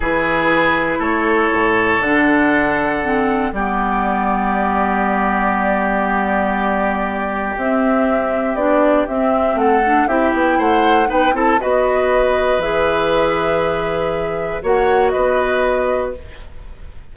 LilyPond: <<
  \new Staff \with { instrumentName = "flute" } { \time 4/4 \tempo 4 = 119 b'2 cis''2 | fis''2. d''4~ | d''1~ | d''2. e''4~ |
e''4 d''4 e''4 fis''4 | e''8 g''8 fis''4 g''8 a''8 dis''4~ | dis''4 e''2.~ | e''4 fis''4 dis''2 | }
  \new Staff \with { instrumentName = "oboe" } { \time 4/4 gis'2 a'2~ | a'2. g'4~ | g'1~ | g'1~ |
g'2. a'4 | g'4 c''4 b'8 a'8 b'4~ | b'1~ | b'4 cis''4 b'2 | }
  \new Staff \with { instrumentName = "clarinet" } { \time 4/4 e'1 | d'2 c'4 b4~ | b1~ | b2. c'4~ |
c'4 d'4 c'4. d'8 | e'2 dis'8 e'8 fis'4~ | fis'4 gis'2.~ | gis'4 fis'2. | }
  \new Staff \with { instrumentName = "bassoon" } { \time 4/4 e2 a4 a,4 | d2. g4~ | g1~ | g2. c'4~ |
c'4 b4 c'4 a4 | c'8 b8 a4 b8 c'8 b4~ | b4 e2.~ | e4 ais4 b2 | }
>>